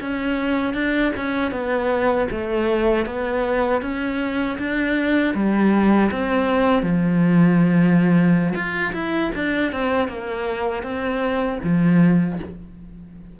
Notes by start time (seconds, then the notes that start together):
0.00 C#4
0.74 D4
1.16 C#4
1.52 B3
2.31 A3
3.06 B3
3.82 C#4
4.59 D4
5.35 G3
6.11 C4
6.83 F3
8.55 F4
8.94 E4
9.35 D4
9.72 C4
10.08 A#3
10.83 C4
11.64 F3